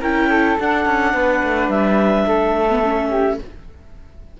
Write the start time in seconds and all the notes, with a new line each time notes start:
0.00 C#4 E4 A#4 G5
0.29 A4
0.59 D4 F#5
0.85 C#4
1.14 B3 B4
1.43 A3
1.68 G3 E5
2.26 A3 A4
2.69 B3
2.84 C#4
3.09 G4